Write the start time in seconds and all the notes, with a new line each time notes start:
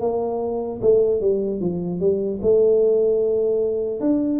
0.00 A#3
0.81 A3
1.20 G3
1.60 F3
2.00 G3
2.41 A3
4.00 D4